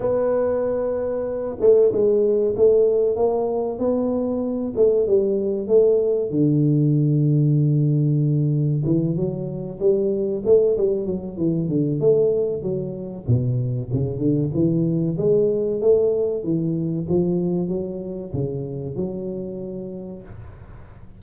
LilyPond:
\new Staff \with { instrumentName = "tuba" } { \time 4/4 \tempo 4 = 95 b2~ b8 a8 gis4 | a4 ais4 b4. a8 | g4 a4 d2~ | d2 e8 fis4 g8~ |
g8 a8 g8 fis8 e8 d8 a4 | fis4 b,4 cis8 d8 e4 | gis4 a4 e4 f4 | fis4 cis4 fis2 | }